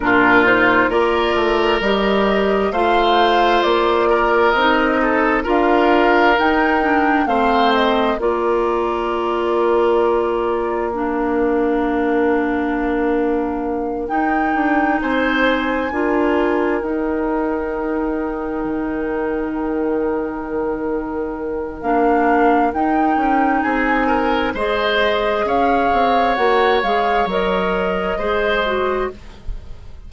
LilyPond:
<<
  \new Staff \with { instrumentName = "flute" } { \time 4/4 \tempo 4 = 66 ais'8 c''8 d''4 dis''4 f''4 | d''4 dis''4 f''4 g''4 | f''8 dis''8 d''2. | f''2.~ f''8 g''8~ |
g''8 gis''2 g''4.~ | g''1 | f''4 g''4 gis''4 dis''4 | f''4 fis''8 f''8 dis''2 | }
  \new Staff \with { instrumentName = "oboe" } { \time 4/4 f'4 ais'2 c''4~ | c''8 ais'4 a'8 ais'2 | c''4 ais'2.~ | ais'1~ |
ais'8 c''4 ais'2~ ais'8~ | ais'1~ | ais'2 gis'8 ais'8 c''4 | cis''2. c''4 | }
  \new Staff \with { instrumentName = "clarinet" } { \time 4/4 d'8 dis'8 f'4 g'4 f'4~ | f'4 dis'4 f'4 dis'8 d'8 | c'4 f'2. | d'2.~ d'8 dis'8~ |
dis'4. f'4 dis'4.~ | dis'1 | d'4 dis'2 gis'4~ | gis'4 fis'8 gis'8 ais'4 gis'8 fis'8 | }
  \new Staff \with { instrumentName = "bassoon" } { \time 4/4 ais,4 ais8 a8 g4 a4 | ais4 c'4 d'4 dis'4 | a4 ais2.~ | ais2.~ ais8 dis'8 |
d'8 c'4 d'4 dis'4.~ | dis'8 dis2.~ dis8 | ais4 dis'8 cis'8 c'4 gis4 | cis'8 c'8 ais8 gis8 fis4 gis4 | }
>>